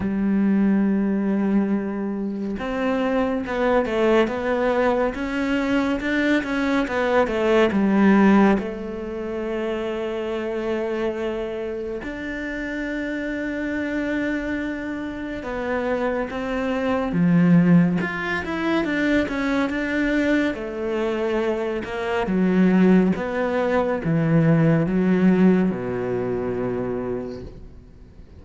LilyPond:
\new Staff \with { instrumentName = "cello" } { \time 4/4 \tempo 4 = 70 g2. c'4 | b8 a8 b4 cis'4 d'8 cis'8 | b8 a8 g4 a2~ | a2 d'2~ |
d'2 b4 c'4 | f4 f'8 e'8 d'8 cis'8 d'4 | a4. ais8 fis4 b4 | e4 fis4 b,2 | }